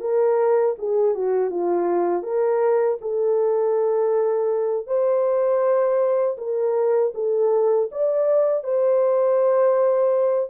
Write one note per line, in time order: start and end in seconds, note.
0.00 0.75 A#4
0.78 1.15 G#4
1.15 1.50 F#4
1.50 2.22 F4
2.22 2.97 A#4
3.01 4.86 A4
4.86 6.36 C5
6.37 7.12 A#4
7.14 7.89 A4
7.91 8.64 D5
8.64 10.50 C5